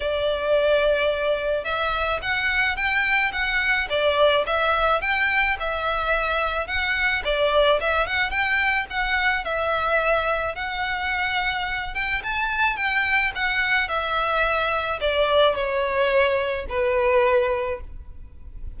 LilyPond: \new Staff \with { instrumentName = "violin" } { \time 4/4 \tempo 4 = 108 d''2. e''4 | fis''4 g''4 fis''4 d''4 | e''4 g''4 e''2 | fis''4 d''4 e''8 fis''8 g''4 |
fis''4 e''2 fis''4~ | fis''4. g''8 a''4 g''4 | fis''4 e''2 d''4 | cis''2 b'2 | }